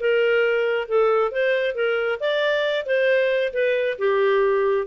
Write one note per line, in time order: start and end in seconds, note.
0.00 0.88 A#4
0.88 1.32 A4
1.32 1.75 C5
1.75 2.19 A#4
2.20 2.86 D5
2.86 3.53 C5
3.53 3.98 B4
3.99 4.87 G4